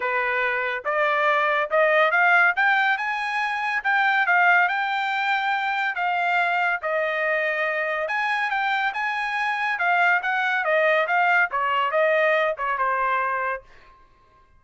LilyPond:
\new Staff \with { instrumentName = "trumpet" } { \time 4/4 \tempo 4 = 141 b'2 d''2 | dis''4 f''4 g''4 gis''4~ | gis''4 g''4 f''4 g''4~ | g''2 f''2 |
dis''2. gis''4 | g''4 gis''2 f''4 | fis''4 dis''4 f''4 cis''4 | dis''4. cis''8 c''2 | }